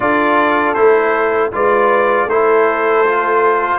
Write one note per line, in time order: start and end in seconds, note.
0.00 0.76 D4
0.00 0.75 F4
0.00 1.53 A4
0.00 0.74 D5
0.74 1.52 A3
0.74 1.51 E4
0.74 1.50 C5
1.52 2.25 G#3
1.52 2.28 F4
1.52 2.28 B4
1.52 2.29 D5
2.25 3.77 A3
2.25 3.05 E4
2.25 3.79 A4
2.25 3.79 C5
3.05 3.79 F4